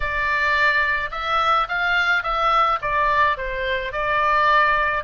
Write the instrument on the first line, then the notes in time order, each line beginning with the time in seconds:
oboe
0.00 D5
1.11 E5
1.68 F5
2.23 E5
2.81 D5
3.37 C5
3.92 D5